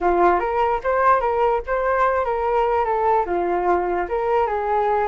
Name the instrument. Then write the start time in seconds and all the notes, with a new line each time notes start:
flute
0.00 F4
0.39 A#4
0.83 C5
1.20 A#4
1.66 C5
2.24 A#4
2.85 A4
3.26 F4
4.09 A#4
4.46 G#4